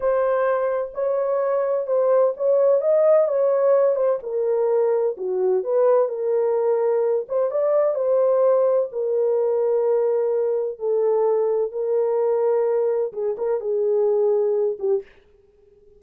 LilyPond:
\new Staff \with { instrumentName = "horn" } { \time 4/4 \tempo 4 = 128 c''2 cis''2 | c''4 cis''4 dis''4 cis''4~ | cis''8 c''8 ais'2 fis'4 | b'4 ais'2~ ais'8 c''8 |
d''4 c''2 ais'4~ | ais'2. a'4~ | a'4 ais'2. | gis'8 ais'8 gis'2~ gis'8 g'8 | }